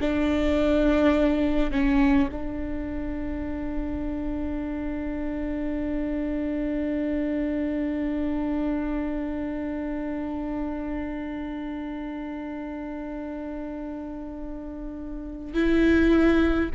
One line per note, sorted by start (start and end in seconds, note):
0.00 1.71 D4
1.71 2.29 C#4
2.31 15.53 D4
15.53 16.69 E4